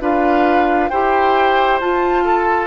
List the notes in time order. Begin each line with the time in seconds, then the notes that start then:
0.00 D4 F4 B4 F5
0.89 E4 G4 C5 G5
1.80 F4 A5
2.24 A4